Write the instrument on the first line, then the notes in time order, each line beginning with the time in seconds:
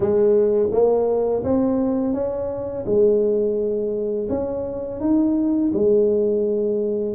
tuba
0.00 G#3
0.71 A#3
1.43 C4
2.13 C#4
2.85 G#3
4.29 C#4
5.00 D#4
5.73 G#3